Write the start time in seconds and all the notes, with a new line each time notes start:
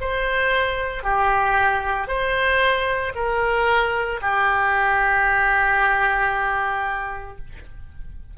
0.00 C5
1.03 G4
2.07 C5
3.15 A#4
4.21 G4